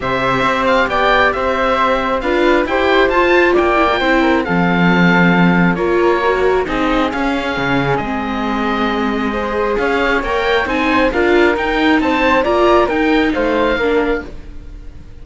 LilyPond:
<<
  \new Staff \with { instrumentName = "oboe" } { \time 4/4 \tempo 4 = 135 e''4. f''8 g''4 e''4~ | e''4 f''4 g''4 a''4 | g''2 f''2~ | f''4 cis''2 dis''4 |
f''2 dis''2~ | dis''2 f''4 g''4 | gis''4 f''4 g''4 a''4 | ais''4 g''4 f''2 | }
  \new Staff \with { instrumentName = "flute" } { \time 4/4 c''2 d''4 c''4~ | c''4 b'4 c''2 | d''4 c''8 ais'8 a'2~ | a'4 ais'2 gis'4~ |
gis'1~ | gis'4 c''4 cis''2 | c''4 ais'2 c''4 | d''4 ais'4 c''4 ais'4 | }
  \new Staff \with { instrumentName = "viola" } { \time 4/4 g'1~ | g'4 f'4 g'4 f'4~ | f'8 e'16 f'16 e'4 c'2~ | c'4 f'4 fis'4 dis'4 |
cis'2 c'2~ | c'4 gis'2 ais'4 | dis'4 f'4 dis'2 | f'4 dis'2 d'4 | }
  \new Staff \with { instrumentName = "cello" } { \time 4/4 c4 c'4 b4 c'4~ | c'4 d'4 e'4 f'4 | ais4 c'4 f2~ | f4 ais2 c'4 |
cis'4 cis4 gis2~ | gis2 cis'4 ais4 | c'4 d'4 dis'4 c'4 | ais4 dis'4 a4 ais4 | }
>>